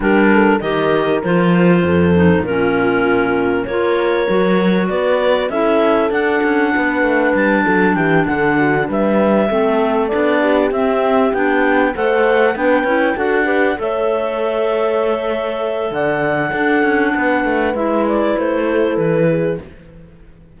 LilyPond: <<
  \new Staff \with { instrumentName = "clarinet" } { \time 4/4 \tempo 4 = 98 ais'4 dis''4 c''2 | ais'2 cis''2 | d''4 e''4 fis''2 | a''4 g''8 fis''4 e''4.~ |
e''8 d''4 e''4 g''4 fis''8~ | fis''8 g''4 fis''4 e''4.~ | e''2 fis''2~ | fis''4 e''8 d''8 c''4 b'4 | }
  \new Staff \with { instrumentName = "horn" } { \time 4/4 g'8 a'8 ais'2 a'4 | f'2 ais'2 | b'4 a'2 b'4~ | b'8 a'8 g'8 a'8 fis'8 b'4 a'8~ |
a'4 g'2~ g'8 c''8~ | c''8 b'4 a'8 b'8 cis''4.~ | cis''2 d''4 a'4 | b'2~ b'8 a'4 gis'8 | }
  \new Staff \with { instrumentName = "clarinet" } { \time 4/4 d'4 g'4 f'4. dis'8 | cis'2 f'4 fis'4~ | fis'4 e'4 d'2~ | d'2.~ d'8 c'8~ |
c'8 d'4 c'4 d'4 a'8~ | a'8 d'8 e'8 fis'8 g'8 a'4.~ | a'2. d'4~ | d'4 e'2. | }
  \new Staff \with { instrumentName = "cello" } { \time 4/4 g4 dis4 f4 f,4 | ais,2 ais4 fis4 | b4 cis'4 d'8 cis'8 b8 a8 | g8 fis8 e8 d4 g4 a8~ |
a8 b4 c'4 b4 a8~ | a8 b8 cis'8 d'4 a4.~ | a2 d4 d'8 cis'8 | b8 a8 gis4 a4 e4 | }
>>